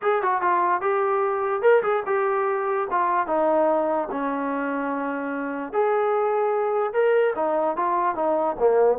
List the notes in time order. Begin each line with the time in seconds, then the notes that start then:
0.01 G#4
0.22 F#4
0.41 F4
0.81 G4
1.62 A#4
1.82 G#4
2.05 G4
2.90 F4
3.27 D#4
4.11 C#4
5.73 G#4
6.93 A#4
7.35 D#4
7.76 F4
8.15 D#4
8.59 A#3